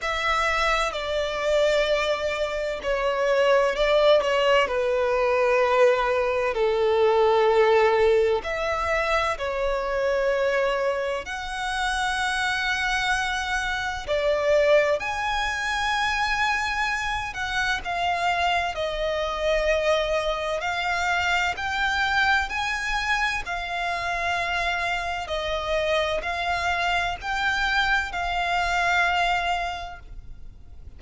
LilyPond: \new Staff \with { instrumentName = "violin" } { \time 4/4 \tempo 4 = 64 e''4 d''2 cis''4 | d''8 cis''8 b'2 a'4~ | a'4 e''4 cis''2 | fis''2. d''4 |
gis''2~ gis''8 fis''8 f''4 | dis''2 f''4 g''4 | gis''4 f''2 dis''4 | f''4 g''4 f''2 | }